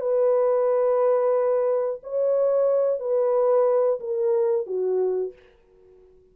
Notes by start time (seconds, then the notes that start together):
0.00 B4
2.03 C#5
2.99 B4
4.00 A#4
4.66 F#4